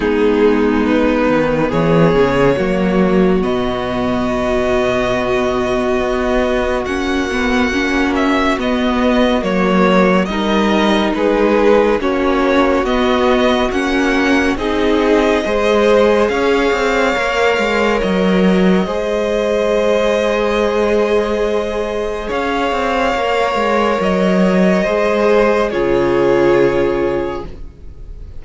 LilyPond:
<<
  \new Staff \with { instrumentName = "violin" } { \time 4/4 \tempo 4 = 70 gis'4 b'4 cis''2 | dis''1 | fis''4. e''8 dis''4 cis''4 | dis''4 b'4 cis''4 dis''4 |
fis''4 dis''2 f''4~ | f''4 dis''2.~ | dis''2 f''2 | dis''2 cis''2 | }
  \new Staff \with { instrumentName = "violin" } { \time 4/4 dis'2 gis'4 fis'4~ | fis'1~ | fis'1 | ais'4 gis'4 fis'2~ |
fis'4 gis'4 c''4 cis''4~ | cis''2 c''2~ | c''2 cis''2~ | cis''4 c''4 gis'2 | }
  \new Staff \with { instrumentName = "viola" } { \time 4/4 b2. ais4 | b1 | cis'8 b8 cis'4 b4 ais4 | dis'2 cis'4 b4 |
cis'4 dis'4 gis'2 | ais'2 gis'2~ | gis'2. ais'4~ | ais'4 gis'4 f'2 | }
  \new Staff \with { instrumentName = "cello" } { \time 4/4 gis4. dis8 e8 cis8 fis4 | b,2. b4 | ais2 b4 fis4 | g4 gis4 ais4 b4 |
ais4 c'4 gis4 cis'8 c'8 | ais8 gis8 fis4 gis2~ | gis2 cis'8 c'8 ais8 gis8 | fis4 gis4 cis2 | }
>>